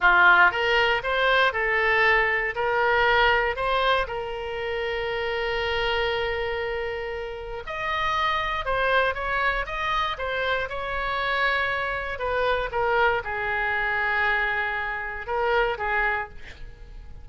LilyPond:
\new Staff \with { instrumentName = "oboe" } { \time 4/4 \tempo 4 = 118 f'4 ais'4 c''4 a'4~ | a'4 ais'2 c''4 | ais'1~ | ais'2. dis''4~ |
dis''4 c''4 cis''4 dis''4 | c''4 cis''2. | b'4 ais'4 gis'2~ | gis'2 ais'4 gis'4 | }